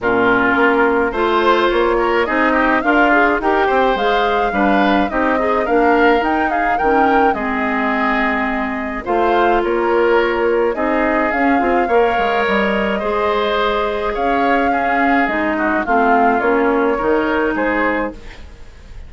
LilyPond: <<
  \new Staff \with { instrumentName = "flute" } { \time 4/4 \tempo 4 = 106 ais'2 c''4 cis''4 | dis''4 f''4 g''4 f''4~ | f''4 dis''4 f''4 g''8 f''8 | g''4 dis''2. |
f''4 cis''2 dis''4 | f''2 dis''2~ | dis''4 f''2 dis''4 | f''4 cis''2 c''4 | }
  \new Staff \with { instrumentName = "oboe" } { \time 4/4 f'2 c''4. ais'8 | gis'8 g'8 f'4 ais'8 c''4. | b'4 g'8 dis'8 ais'4. gis'8 | ais'4 gis'2. |
c''4 ais'2 gis'4~ | gis'4 cis''2 c''4~ | c''4 cis''4 gis'4. fis'8 | f'2 ais'4 gis'4 | }
  \new Staff \with { instrumentName = "clarinet" } { \time 4/4 cis'2 f'2 | dis'4 ais'8 gis'8 g'4 gis'4 | d'4 dis'8 gis'8 d'4 dis'4 | cis'4 c'2. |
f'2. dis'4 | cis'8 f'8 ais'2 gis'4~ | gis'2 cis'4 dis'4 | c'4 cis'4 dis'2 | }
  \new Staff \with { instrumentName = "bassoon" } { \time 4/4 ais,4 ais4 a4 ais4 | c'4 d'4 dis'8 c'8 gis4 | g4 c'4 ais4 dis'4 | dis4 gis2. |
a4 ais2 c'4 | cis'8 c'8 ais8 gis8 g4 gis4~ | gis4 cis'2 gis4 | a4 ais4 dis4 gis4 | }
>>